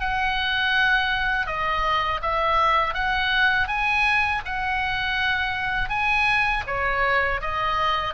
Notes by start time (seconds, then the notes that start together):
0.00 F#5
1.46 D#5
2.22 E5
2.94 F#5
3.68 G#5
4.45 F#5
5.90 G#5
6.67 C#5
7.41 D#5